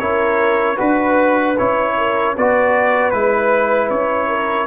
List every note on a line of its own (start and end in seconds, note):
0.00 0.78 C#4
0.00 0.77 E4
0.00 0.75 A#4
0.00 0.78 C#5
0.75 1.58 D4
0.75 1.55 F#4
0.75 1.92 B4
0.75 1.58 B4
1.58 2.37 C#4
1.58 2.37 E4
1.58 2.36 C#5
1.98 2.35 A#4
2.35 3.13 B3
2.35 3.13 F#4
2.35 4.29 B4
2.35 3.11 D5
3.11 3.91 G#3
3.11 4.67 E4
3.11 3.89 B4
3.90 4.67 C#4
3.90 4.67 C#5
4.29 4.67 A#4